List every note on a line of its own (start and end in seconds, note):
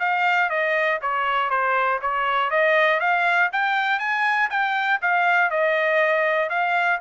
0.00 0.50 F5
0.50 1.00 D#5
1.02 1.50 C#5
1.50 2.00 C5
2.02 2.51 C#5
2.51 3.00 D#5
3.00 3.50 F5
3.53 4.00 G5
4.00 4.50 G#5
4.50 5.00 G5
5.02 5.51 F5
5.51 6.50 D#5
6.50 7.00 F5